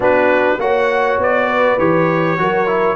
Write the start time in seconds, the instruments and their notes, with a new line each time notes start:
0.00 tuba B3, trombone D4, horn F#4, trumpet B4
0.59 tuba A#3, trombone F#4, horn C#5, trumpet F#5
1.18 tuba B3, trumpet D5
1.48 horn B4
1.78 tuba E3, trombone G4, trumpet C#5
2.38 tuba F#3, trombone F#4, horn A#4
2.67 trombone E4